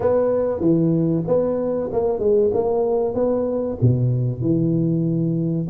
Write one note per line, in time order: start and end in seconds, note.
0.00 0.60 B3
0.60 1.23 E3
1.27 1.90 B3
1.92 2.19 A#3
2.19 2.50 G#3
2.53 3.14 A#3
3.14 3.77 B3
3.81 4.41 B2
4.41 5.67 E3